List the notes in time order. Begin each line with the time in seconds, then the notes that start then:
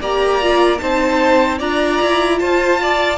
0.00 A#3 G4 D5 A#5
0.42 F4
0.78 C4 D#4 C5 A5
1.58 D4 F4 D5 A#5
2.02 E4
2.39 F4 C5 A5
2.82 D5